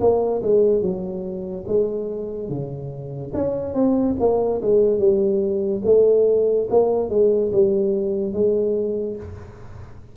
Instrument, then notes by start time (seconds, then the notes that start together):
tuba
0.00 A#3
0.42 G#3
0.81 F#3
1.67 G#3
2.48 C#3
3.34 C#4
3.73 C4
4.19 A#3
4.61 G#3
4.98 G3
5.84 A3
6.70 A#3
7.09 G#3
7.52 G3
8.33 G#3